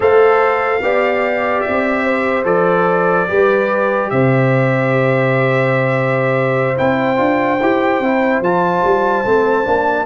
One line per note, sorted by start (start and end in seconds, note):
0.00 0.81 A3
0.00 0.79 A4
0.00 0.82 C5
0.00 1.60 F5
0.81 1.63 B3
0.81 2.44 G4
0.81 2.04 D5
1.60 2.43 E5
1.68 2.44 C4
2.04 3.28 C5
2.44 3.26 F3
2.44 3.26 A4
2.44 4.09 D5
3.27 4.11 G3
3.27 6.76 G4
3.27 4.11 B4
4.09 6.78 C3
4.09 10.05 C5
4.09 6.77 E5
6.76 7.18 C4
6.76 7.16 E4
6.76 8.42 G5
7.16 7.60 D4
7.16 7.57 F4
7.60 7.99 E4
7.60 8.03 G4
7.99 8.40 C4
7.99 8.43 E4
8.40 8.81 F3
8.40 9.24 F4
8.40 10.05 A5
8.83 9.24 G3
9.24 9.65 A3
9.24 9.64 C4
9.64 10.05 A#3
9.64 10.05 D4